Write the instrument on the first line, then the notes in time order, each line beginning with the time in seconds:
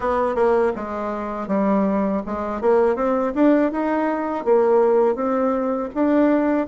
bassoon
0.00 B3
0.35 A#3
0.75 G#3
1.47 G3
2.26 G#3
2.61 A#3
2.95 C4
3.34 D4
3.71 D#4
4.44 A#3
5.15 C4
5.94 D4